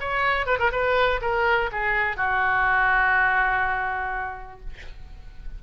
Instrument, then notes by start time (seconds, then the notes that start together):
oboe
0.00 C#5
0.46 B4
0.59 A#4
0.72 B4
1.21 A#4
1.72 G#4
2.16 F#4